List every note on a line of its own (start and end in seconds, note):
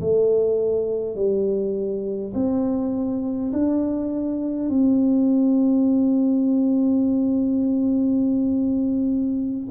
0.00 1.16 A3
1.16 2.33 G3
2.34 3.52 C4
3.53 4.70 D4
4.70 9.70 C4